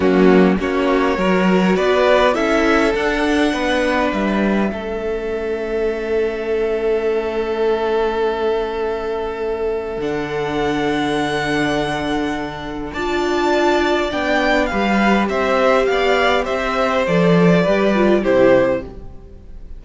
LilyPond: <<
  \new Staff \with { instrumentName = "violin" } { \time 4/4 \tempo 4 = 102 fis'4 cis''2 d''4 | e''4 fis''2 e''4~ | e''1~ | e''1~ |
e''4 fis''2.~ | fis''2 a''2 | g''4 f''4 e''4 f''4 | e''4 d''2 c''4 | }
  \new Staff \with { instrumentName = "violin" } { \time 4/4 cis'4 fis'4 ais'4 b'4 | a'2 b'2 | a'1~ | a'1~ |
a'1~ | a'2 d''2~ | d''4 b'4 c''4 d''4 | c''2 b'4 g'4 | }
  \new Staff \with { instrumentName = "viola" } { \time 4/4 ais4 cis'4 fis'2 | e'4 d'2. | cis'1~ | cis'1~ |
cis'4 d'2.~ | d'2 f'2 | d'4 g'2.~ | g'4 a'4 g'8 f'8 e'4 | }
  \new Staff \with { instrumentName = "cello" } { \time 4/4 fis4 ais4 fis4 b4 | cis'4 d'4 b4 g4 | a1~ | a1~ |
a4 d2.~ | d2 d'2 | b4 g4 c'4 b4 | c'4 f4 g4 c4 | }
>>